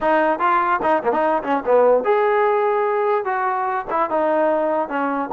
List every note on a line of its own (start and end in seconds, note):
0.01 0.39 D#4
0.39 0.80 F4
0.82 1.02 D#4
1.03 1.12 A#3
1.12 1.42 D#4
1.43 1.63 C#4
1.65 2.04 B3
2.04 3.24 G#4
3.24 3.86 F#4
3.90 4.09 E4
4.09 4.88 D#4
4.88 5.29 C#4